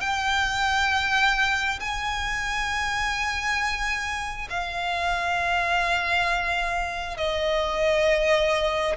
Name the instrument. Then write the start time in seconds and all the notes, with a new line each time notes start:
violin
0.00 G5
1.80 G#5
4.50 F5
7.17 D#5